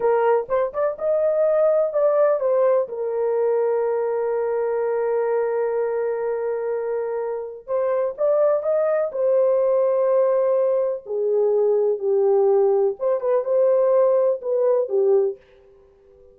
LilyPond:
\new Staff \with { instrumentName = "horn" } { \time 4/4 \tempo 4 = 125 ais'4 c''8 d''8 dis''2 | d''4 c''4 ais'2~ | ais'1~ | ais'1 |
c''4 d''4 dis''4 c''4~ | c''2. gis'4~ | gis'4 g'2 c''8 b'8 | c''2 b'4 g'4 | }